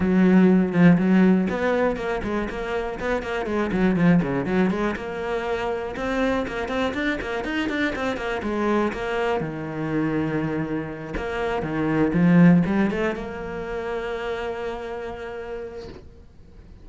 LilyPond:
\new Staff \with { instrumentName = "cello" } { \time 4/4 \tempo 4 = 121 fis4. f8 fis4 b4 | ais8 gis8 ais4 b8 ais8 gis8 fis8 | f8 cis8 fis8 gis8 ais2 | c'4 ais8 c'8 d'8 ais8 dis'8 d'8 |
c'8 ais8 gis4 ais4 dis4~ | dis2~ dis8 ais4 dis8~ | dis8 f4 g8 a8 ais4.~ | ais1 | }